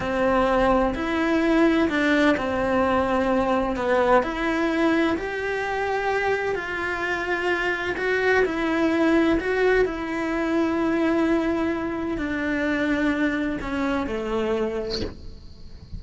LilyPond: \new Staff \with { instrumentName = "cello" } { \time 4/4 \tempo 4 = 128 c'2 e'2 | d'4 c'2. | b4 e'2 g'4~ | g'2 f'2~ |
f'4 fis'4 e'2 | fis'4 e'2.~ | e'2 d'2~ | d'4 cis'4 a2 | }